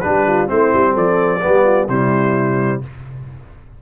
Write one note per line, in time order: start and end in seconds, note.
0.00 0.50 G3
0.00 0.47 D4
0.00 0.26 G4
0.00 0.47 B4
0.26 0.49 F4
0.47 0.73 A3
0.47 1.40 C4
0.47 0.93 E4
0.47 0.95 C5
0.73 0.96 G3
0.93 1.42 F3
0.93 1.39 A4
0.93 1.88 D5
1.41 1.87 G3
1.41 1.88 B3
1.41 1.63 G4
1.63 1.86 F4
1.87 2.81 C3
1.87 2.82 G3
1.87 2.82 E4
1.87 2.81 C5